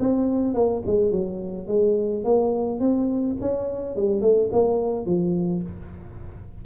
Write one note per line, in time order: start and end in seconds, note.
0.00 0.55 C4
0.55 0.83 A#3
0.86 1.12 G#3
1.12 1.68 F#3
1.68 2.24 G#3
2.24 2.80 A#3
2.80 3.37 C4
3.41 3.96 C#4
3.96 4.22 G3
4.22 4.50 A3
4.53 5.06 A#3
5.06 5.63 F3